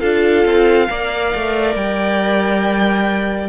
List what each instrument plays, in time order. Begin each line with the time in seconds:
0.00 cello D4, viola F4, violin A4 F5
0.45 cello C4
0.88 cello A#3, viola A#4, violin D5
1.34 cello A3
1.75 cello G3, violin G5